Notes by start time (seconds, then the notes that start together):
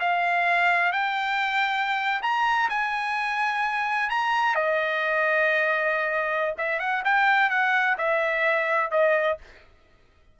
0.00 F5
0.92 G5
2.22 A#5
2.69 G#5
4.10 A#5
4.55 D#5
6.58 E5
6.79 F#5
7.05 G5
7.50 F#5
7.98 E5
8.91 D#5